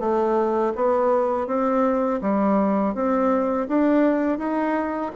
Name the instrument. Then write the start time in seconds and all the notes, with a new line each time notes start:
bassoon
0.00 A3
0.75 B3
1.47 C4
2.22 G3
2.94 C4
3.68 D4
4.38 D#4